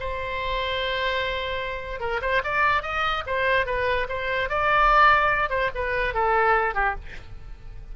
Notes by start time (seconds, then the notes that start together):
0.00 C5
2.00 A#4
2.21 C5
2.44 D5
2.82 D#5
3.26 C5
3.66 B4
4.09 C5
4.49 D5
5.49 C5
5.75 B4
6.14 A4
6.75 G4